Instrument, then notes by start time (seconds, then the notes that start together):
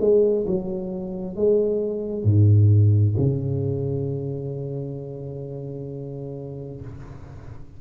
tuba
0.00 G#3
0.46 F#3
1.35 G#3
2.23 G#2
3.17 C#3